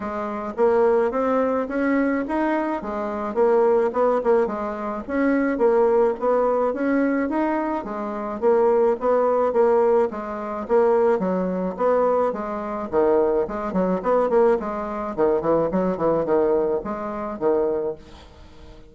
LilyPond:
\new Staff \with { instrumentName = "bassoon" } { \time 4/4 \tempo 4 = 107 gis4 ais4 c'4 cis'4 | dis'4 gis4 ais4 b8 ais8 | gis4 cis'4 ais4 b4 | cis'4 dis'4 gis4 ais4 |
b4 ais4 gis4 ais4 | fis4 b4 gis4 dis4 | gis8 fis8 b8 ais8 gis4 dis8 e8 | fis8 e8 dis4 gis4 dis4 | }